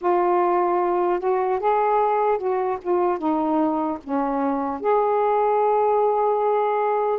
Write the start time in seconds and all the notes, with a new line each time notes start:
0.01 F4
1.19 F#4
1.59 G#4
2.37 F#4
2.81 F4
3.18 D#4
4.03 C#4
4.80 G#4